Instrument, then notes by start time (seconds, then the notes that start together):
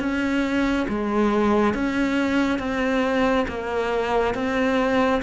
cello
0.00 C#4
0.89 G#3
1.74 C#4
2.59 C4
3.48 A#3
4.35 C4